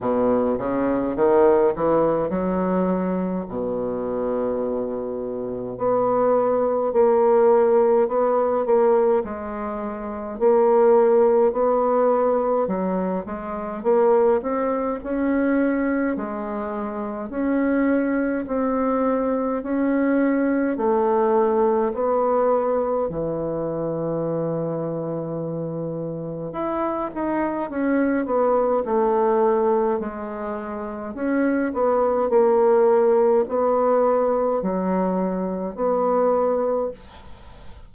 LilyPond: \new Staff \with { instrumentName = "bassoon" } { \time 4/4 \tempo 4 = 52 b,8 cis8 dis8 e8 fis4 b,4~ | b,4 b4 ais4 b8 ais8 | gis4 ais4 b4 fis8 gis8 | ais8 c'8 cis'4 gis4 cis'4 |
c'4 cis'4 a4 b4 | e2. e'8 dis'8 | cis'8 b8 a4 gis4 cis'8 b8 | ais4 b4 fis4 b4 | }